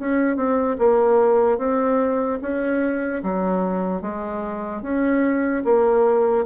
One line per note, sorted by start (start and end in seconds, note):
0.00 0.36 C#4
0.36 0.77 C4
0.79 1.58 A#3
1.58 2.40 C4
2.42 3.23 C#4
3.24 4.02 F#3
4.02 4.82 G#3
4.82 5.64 C#4
5.65 6.46 A#3